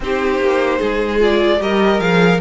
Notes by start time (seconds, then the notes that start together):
0.00 C4 D#4 G4 C5
0.39 A#3
0.78 G#3 G#4
1.19 F4 D5
1.59 G3 G4 A#4 D#5
1.99 F3 G#4 F5